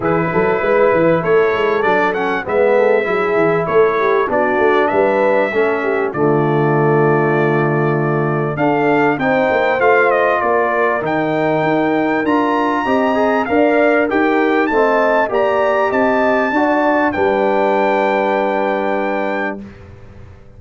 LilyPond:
<<
  \new Staff \with { instrumentName = "trumpet" } { \time 4/4 \tempo 4 = 98 b'2 cis''4 d''8 fis''8 | e''2 cis''4 d''4 | e''2 d''2~ | d''2 f''4 g''4 |
f''8 dis''8 d''4 g''2 | ais''2 f''4 g''4 | a''4 ais''4 a''2 | g''1 | }
  \new Staff \with { instrumentName = "horn" } { \time 4/4 gis'8 a'8 b'4 a'2 | b'8 a'8 gis'4 a'8 g'8 fis'4 | b'4 a'8 g'8 f'2~ | f'2 a'4 c''4~ |
c''4 ais'2.~ | ais'4 dis''4 d''4 ais'4 | dis''4 d''4 dis''4 d''4 | b'1 | }
  \new Staff \with { instrumentName = "trombone" } { \time 4/4 e'2. d'8 cis'8 | b4 e'2 d'4~ | d'4 cis'4 a2~ | a2 d'4 dis'4 |
f'2 dis'2 | f'4 g'8 gis'8 ais'4 g'4 | c'4 g'2 fis'4 | d'1 | }
  \new Staff \with { instrumentName = "tuba" } { \time 4/4 e8 fis8 gis8 e8 a8 gis8 fis4 | gis4 fis8 e8 a4 b8 a8 | g4 a4 d2~ | d2 d'4 c'8 ais8 |
a4 ais4 dis4 dis'4 | d'4 c'4 d'4 dis'4 | a4 ais4 c'4 d'4 | g1 | }
>>